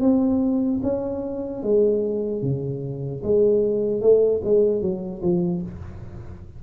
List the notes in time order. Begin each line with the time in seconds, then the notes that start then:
0.00 C4
0.83 C#4
1.63 G#3
2.42 C#3
3.23 G#3
4.01 A3
4.44 G#3
4.81 F#3
5.22 F3